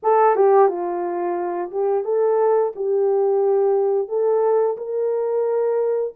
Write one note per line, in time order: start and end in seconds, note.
0.02 0.35 A4
0.35 0.68 G4
0.68 1.70 F4
1.71 2.04 G4
2.04 2.72 A4
2.75 4.08 G4
4.08 4.76 A4
4.77 6.13 A#4